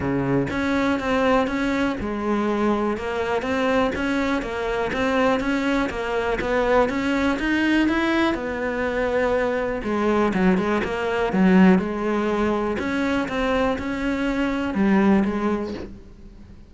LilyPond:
\new Staff \with { instrumentName = "cello" } { \time 4/4 \tempo 4 = 122 cis4 cis'4 c'4 cis'4 | gis2 ais4 c'4 | cis'4 ais4 c'4 cis'4 | ais4 b4 cis'4 dis'4 |
e'4 b2. | gis4 fis8 gis8 ais4 fis4 | gis2 cis'4 c'4 | cis'2 g4 gis4 | }